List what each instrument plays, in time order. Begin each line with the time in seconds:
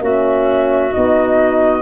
0.00 tuba A#3, horn C#4, clarinet F#4, flute E5
0.91 tuba B3, horn D#4, flute D#5